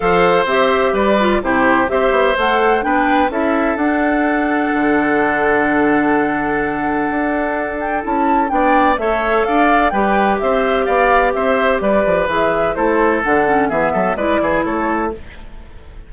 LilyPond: <<
  \new Staff \with { instrumentName = "flute" } { \time 4/4 \tempo 4 = 127 f''4 e''4 d''4 c''4 | e''4 fis''4 g''4 e''4 | fis''1~ | fis''1~ |
fis''8 g''8 a''4 g''4 e''4 | f''4 g''4 e''4 f''4 | e''4 d''4 e''4 c''4 | fis''4 e''4 d''4 cis''4 | }
  \new Staff \with { instrumentName = "oboe" } { \time 4/4 c''2 b'4 g'4 | c''2 b'4 a'4~ | a'1~ | a'1~ |
a'2 d''4 cis''4 | d''4 b'4 c''4 d''4 | c''4 b'2 a'4~ | a'4 gis'8 a'8 b'8 gis'8 a'4 | }
  \new Staff \with { instrumentName = "clarinet" } { \time 4/4 a'4 g'4. f'8 e'4 | g'4 a'4 d'4 e'4 | d'1~ | d'1~ |
d'4 e'4 d'4 a'4~ | a'4 g'2.~ | g'2 gis'4 e'4 | d'8 cis'8 b4 e'2 | }
  \new Staff \with { instrumentName = "bassoon" } { \time 4/4 f4 c'4 g4 c4 | c'8 b8 a4 b4 cis'4 | d'2 d2~ | d2. d'4~ |
d'4 cis'4 b4 a4 | d'4 g4 c'4 b4 | c'4 g8 f8 e4 a4 | d4 e8 fis8 gis8 e8 a4 | }
>>